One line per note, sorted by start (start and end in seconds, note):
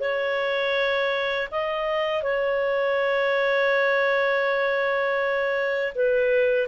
0.00 1.48 C#5
1.51 2.23 D#5
2.23 5.93 C#5
5.95 6.68 B4